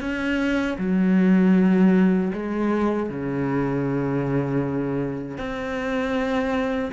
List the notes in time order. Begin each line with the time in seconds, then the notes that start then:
0.00 C#4
0.78 F#3
2.33 G#3
3.09 C#3
5.37 C4